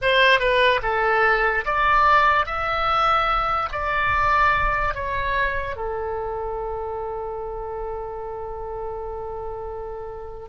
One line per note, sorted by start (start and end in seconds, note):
0.01 0.39 C5
0.39 0.80 B4
0.82 1.64 A4
1.65 2.45 D5
2.45 3.69 E5
3.72 4.94 D5
4.94 5.76 C#5
5.76 10.48 A4